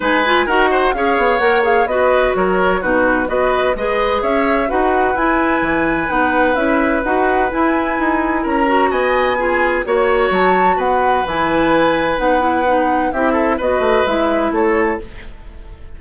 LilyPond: <<
  \new Staff \with { instrumentName = "flute" } { \time 4/4 \tempo 4 = 128 gis''4 fis''4 f''4 fis''8 f''8 | dis''4 cis''4 b'4 dis''4 | b'4 e''4 fis''4 gis''4~ | gis''4 fis''4 e''4 fis''4 |
gis''2 ais''4 gis''4~ | gis''4 cis''4 a''4 fis''4 | gis''2 fis''2 | e''4 dis''4 e''4 cis''4 | }
  \new Staff \with { instrumentName = "oboe" } { \time 4/4 b'4 ais'8 c''8 cis''2 | b'4 ais'4 fis'4 b'4 | dis''4 cis''4 b'2~ | b'1~ |
b'2 ais'4 dis''4 | gis'4 cis''2 b'4~ | b'1 | g'8 a'8 b'2 a'4 | }
  \new Staff \with { instrumentName = "clarinet" } { \time 4/4 dis'8 f'8 fis'4 gis'4 ais'8 gis'8 | fis'2 dis'4 fis'4 | gis'2 fis'4 e'4~ | e'4 dis'4 e'4 fis'4 |
e'2~ e'8 fis'4. | f'4 fis'2. | e'2 dis'8 e'8 dis'4 | e'4 fis'4 e'2 | }
  \new Staff \with { instrumentName = "bassoon" } { \time 4/4 gis4 dis'4 cis'8 b8 ais4 | b4 fis4 b,4 b4 | gis4 cis'4 dis'4 e'4 | e4 b4 cis'4 dis'4 |
e'4 dis'4 cis'4 b4~ | b4 ais4 fis4 b4 | e2 b2 | c'4 b8 a8 gis4 a4 | }
>>